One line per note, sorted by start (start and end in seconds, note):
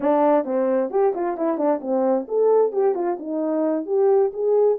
0.00 0.44 D4
0.44 0.90 C4
0.90 1.13 G4
1.14 1.37 F4
1.37 1.57 E4
1.57 1.80 D4
1.81 2.26 C4
2.27 2.72 A4
2.72 2.94 G4
2.94 3.17 F4
3.19 3.86 D#4
3.86 4.31 G4
4.33 4.78 G#4